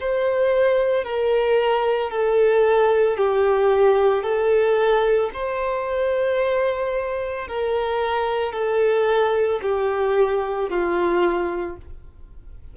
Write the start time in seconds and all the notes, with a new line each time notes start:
0.00 C5
1.04 A#4
2.10 A4
3.17 G4
4.23 A4
5.33 C5
7.48 A#4
8.52 A4
9.62 G4
10.69 F4